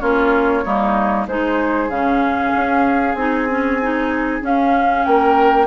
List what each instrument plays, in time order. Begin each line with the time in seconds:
0.00 bassoon A#3, clarinet C#4, oboe F4, flute C#5
0.65 bassoon G3, clarinet A#3, oboe D#4
1.27 bassoon G#3, clarinet D#4, oboe G#4, flute C5
1.89 bassoon C#3, clarinet C#4, flute F5
2.56 bassoon C#4
3.15 bassoon C4, clarinet D#4, flute G#5
3.50 clarinet C#4
3.82 clarinet D#4
4.42 clarinet C#4, bassoon C#4, flute F5
5.05 bassoon A#3, oboe A#4, flute G5